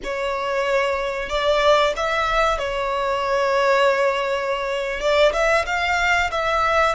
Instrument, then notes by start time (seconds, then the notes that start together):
violin
0.03 C#5
1.29 D5
1.96 E5
2.58 C#5
5.00 D5
5.33 E5
5.66 F5
6.30 E5